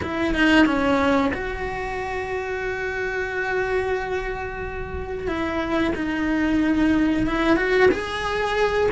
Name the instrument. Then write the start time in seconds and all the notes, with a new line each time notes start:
cello
0.02 E4
0.34 D#4
0.66 C#4
1.33 F#4
5.27 E4
5.95 D#4
7.26 E4
7.56 F#4
7.91 G#4